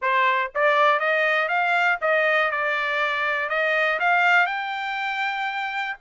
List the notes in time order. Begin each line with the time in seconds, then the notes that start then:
0.01 C5
0.55 D5
0.99 D#5
1.48 F5
2.01 D#5
2.51 D5
3.49 D#5
3.99 F5
4.46 G5